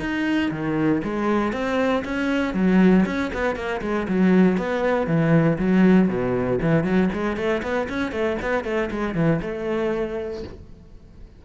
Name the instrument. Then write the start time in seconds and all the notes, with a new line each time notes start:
cello
0.00 D#4
0.51 D#3
1.04 G#3
1.53 C4
2.05 C#4
2.54 F#3
3.06 C#4
3.34 B3
3.56 A#3
3.82 G#3
4.09 F#3
4.58 B3
5.08 E3
5.59 F#3
6.09 B2
6.62 E3
6.84 F#3
7.13 G#3
7.37 A3
7.63 B3
7.89 C#4
8.12 A3
8.42 B3
8.65 A3
8.91 G#3
9.15 E3
9.42 A3